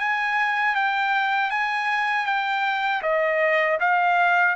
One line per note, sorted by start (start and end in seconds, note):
0.00 0.76 G#5
0.76 1.51 G5
1.51 2.26 G#5
2.26 3.02 G5
3.03 3.79 D#5
3.80 4.56 F5